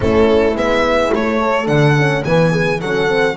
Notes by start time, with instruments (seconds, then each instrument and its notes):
0.00 double bass A3, horn C#4 E4, violin A4
0.55 double bass G#3, horn B3, violin E5
1.11 horn A3, double bass A3, violin C#5
1.39 horn A4
1.65 double bass D3, horn D4, violin F#5
1.98 horn C#4
2.23 double bass E3, horn B3 B4, violin G#5
2.51 horn G#4
2.80 double bass F#3, horn C#4 A4, violin F#5
3.07 horn C4